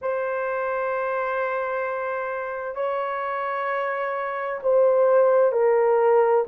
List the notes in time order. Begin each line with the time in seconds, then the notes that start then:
0.01 C5
2.74 C#5
4.62 C5
5.52 A#4